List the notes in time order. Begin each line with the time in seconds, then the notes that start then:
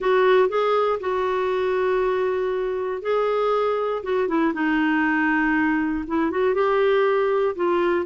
0.00 F#4
0.48 G#4
1.00 F#4
3.01 G#4
4.03 F#4
4.27 E4
4.53 D#4
6.07 E4
6.30 F#4
6.54 G4
7.55 F4